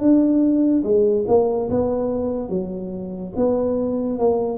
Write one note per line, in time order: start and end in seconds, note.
0.00 0.83 D4
0.84 1.26 G#3
1.28 1.70 A#3
1.70 2.50 B3
2.50 3.33 F#3
3.37 4.19 B3
4.19 4.58 A#3